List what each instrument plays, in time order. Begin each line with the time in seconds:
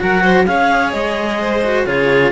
0.00 cello F#3 F#4, violin A#4, clarinet F#5
0.23 violin C5
0.46 cello C#4 G#4, violin C#5, clarinet F5
0.92 cello G#3, clarinet D#5
1.41 violin C5
1.63 cello F#4
1.86 cello C#3 F4, violin G#4, clarinet C#5